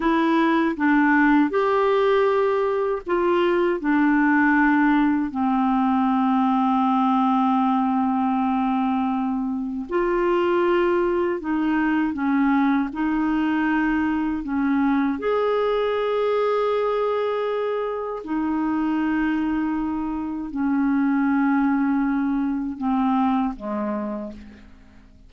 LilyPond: \new Staff \with { instrumentName = "clarinet" } { \time 4/4 \tempo 4 = 79 e'4 d'4 g'2 | f'4 d'2 c'4~ | c'1~ | c'4 f'2 dis'4 |
cis'4 dis'2 cis'4 | gis'1 | dis'2. cis'4~ | cis'2 c'4 gis4 | }